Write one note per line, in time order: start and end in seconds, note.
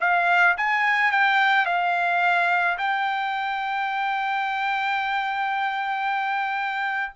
0.00 0.56 F5
0.57 1.11 G#5
1.11 1.65 G5
1.65 2.78 F5
2.78 7.12 G5